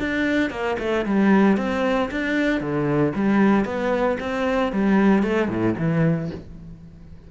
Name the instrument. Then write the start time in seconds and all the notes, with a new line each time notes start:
cello
0.00 D4
0.51 A#3
0.80 A3
1.06 G3
1.58 C4
2.12 D4
2.61 D3
3.16 G3
3.66 B3
4.20 C4
4.73 G3
5.23 A3
5.49 A2
5.79 E3